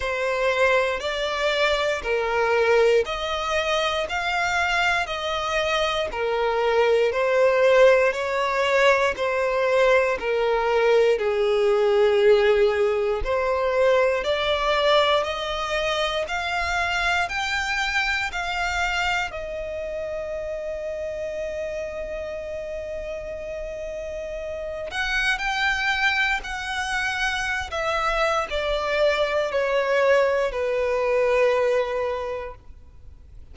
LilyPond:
\new Staff \with { instrumentName = "violin" } { \time 4/4 \tempo 4 = 59 c''4 d''4 ais'4 dis''4 | f''4 dis''4 ais'4 c''4 | cis''4 c''4 ais'4 gis'4~ | gis'4 c''4 d''4 dis''4 |
f''4 g''4 f''4 dis''4~ | dis''1~ | dis''8 fis''8 g''4 fis''4~ fis''16 e''8. | d''4 cis''4 b'2 | }